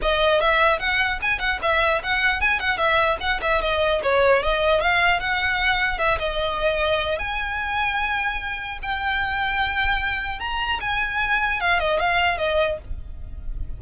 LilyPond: \new Staff \with { instrumentName = "violin" } { \time 4/4 \tempo 4 = 150 dis''4 e''4 fis''4 gis''8 fis''8 | e''4 fis''4 gis''8 fis''8 e''4 | fis''8 e''8 dis''4 cis''4 dis''4 | f''4 fis''2 e''8 dis''8~ |
dis''2 gis''2~ | gis''2 g''2~ | g''2 ais''4 gis''4~ | gis''4 f''8 dis''8 f''4 dis''4 | }